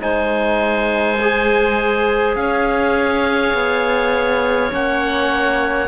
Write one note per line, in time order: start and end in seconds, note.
0.00 2.36 G#3
0.00 1.18 D#4
0.00 2.37 C5
0.00 2.36 G#5
1.22 4.71 G#4
2.36 3.53 C#4
2.36 5.88 C#5
2.36 4.72 F5
3.54 4.72 B3
4.71 5.88 A#3
4.71 5.88 C#4
4.71 5.88 F#5